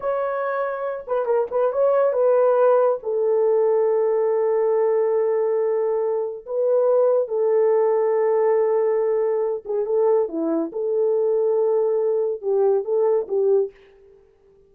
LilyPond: \new Staff \with { instrumentName = "horn" } { \time 4/4 \tempo 4 = 140 cis''2~ cis''8 b'8 ais'8 b'8 | cis''4 b'2 a'4~ | a'1~ | a'2. b'4~ |
b'4 a'2.~ | a'2~ a'8 gis'8 a'4 | e'4 a'2.~ | a'4 g'4 a'4 g'4 | }